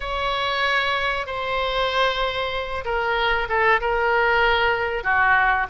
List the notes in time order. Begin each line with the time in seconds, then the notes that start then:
0.00 C#5
1.26 C5
2.84 A#4
3.48 A4
3.81 A#4
5.03 F#4